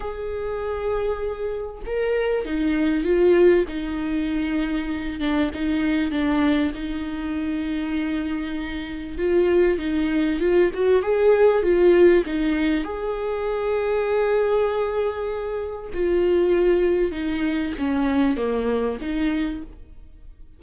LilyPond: \new Staff \with { instrumentName = "viola" } { \time 4/4 \tempo 4 = 98 gis'2. ais'4 | dis'4 f'4 dis'2~ | dis'8 d'8 dis'4 d'4 dis'4~ | dis'2. f'4 |
dis'4 f'8 fis'8 gis'4 f'4 | dis'4 gis'2.~ | gis'2 f'2 | dis'4 cis'4 ais4 dis'4 | }